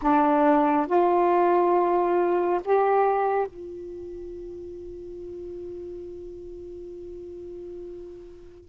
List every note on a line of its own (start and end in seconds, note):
0.02 0.87 D4
0.87 2.60 F4
2.64 3.47 G4
3.47 8.68 F4